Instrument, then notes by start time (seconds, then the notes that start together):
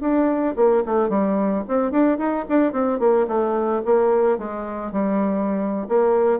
bassoon
0.00 D4
0.56 A#3
0.85 A3
1.09 G3
1.68 C4
1.91 D4
2.18 D#4
2.48 D4
2.72 C4
2.99 A#3
3.27 A3
3.85 A#3
4.38 G#3
4.92 G3
5.88 A#3